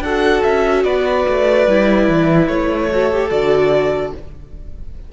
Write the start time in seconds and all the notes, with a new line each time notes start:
0.00 D4 F#4 A4 F#5
0.43 C#4 E5
0.84 B3 B4 D5
1.28 A3
1.67 G3 E4
2.09 E3
2.48 A3 C#5
2.90 F#4 A4
3.12 G4
3.30 D3 F#4 D5